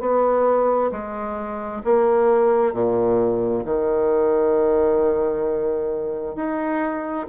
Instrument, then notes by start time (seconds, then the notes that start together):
bassoon
0.00 B3
0.92 G#3
1.85 A#3
2.74 A#2
3.65 D#3
6.36 D#4